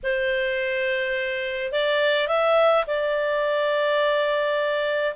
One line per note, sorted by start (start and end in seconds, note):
0.03 1.71 C5
1.71 2.27 D5
2.27 2.84 E5
2.86 5.15 D5